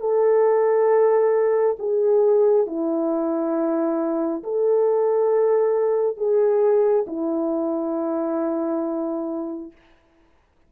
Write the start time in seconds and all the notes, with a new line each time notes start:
0.00 A4
1.78 G#4
2.66 E4
4.43 A4
6.17 G#4
7.07 E4